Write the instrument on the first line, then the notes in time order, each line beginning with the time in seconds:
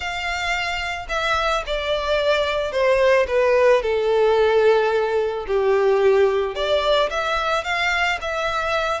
violin
0.00 F5
1.09 E5
1.66 D5
2.71 C5
3.27 B4
3.82 A4
5.47 G4
6.55 D5
7.09 E5
7.64 F5
8.21 E5